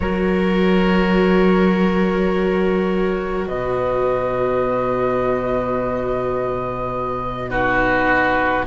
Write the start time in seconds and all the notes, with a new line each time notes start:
0.00 F#3 F#4 A#4 C#5
3.47 B2 B4 D#5
7.50 D#4 F#4 B4